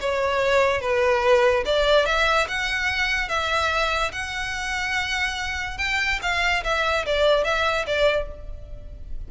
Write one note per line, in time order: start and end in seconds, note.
0.00 0.81 C#5
0.81 1.63 B4
1.65 2.06 D5
2.06 2.47 E5
2.48 3.28 F#5
3.28 4.11 E5
4.12 5.78 F#5
5.78 6.19 G5
6.22 6.63 F5
6.64 7.05 E5
7.06 7.44 D5
7.44 7.85 E5
7.86 8.28 D5